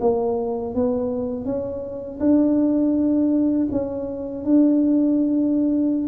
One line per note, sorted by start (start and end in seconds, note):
0.00 0.74 A#3
0.74 1.45 B3
1.45 2.19 C#4
2.20 3.68 D4
3.71 4.44 C#4
4.44 6.07 D4